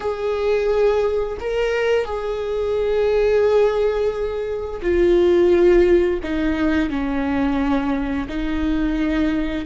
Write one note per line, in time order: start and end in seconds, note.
0.00 1.38 G#4
1.39 2.05 A#4
2.05 4.81 G#4
4.82 6.19 F4
6.23 6.89 D#4
6.89 8.27 C#4
8.28 9.65 D#4